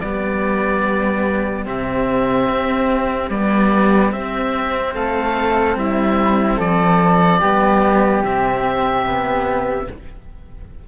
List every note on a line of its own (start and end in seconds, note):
0.00 1.66 G3
0.00 1.65 B3
0.00 4.94 G4
0.00 1.64 D5
1.65 2.48 C3
1.65 3.29 C4
1.65 3.30 E5
2.49 3.31 C4
3.29 4.11 G3
3.29 4.12 B3
3.29 4.12 D5
4.11 7.40 C4
4.11 4.95 C4
4.11 4.94 E5
4.94 5.75 A3
4.94 5.77 A4
4.94 5.76 F5
5.75 6.57 G3
5.75 6.57 E4
5.75 6.59 E5
6.57 7.41 F3
6.57 7.39 A4
6.57 8.24 D5
7.39 8.22 G3
7.39 8.23 B3
7.39 9.86 G4
8.22 9.87 C3
8.22 9.05 C4
8.22 9.88 E5
9.05 9.88 B3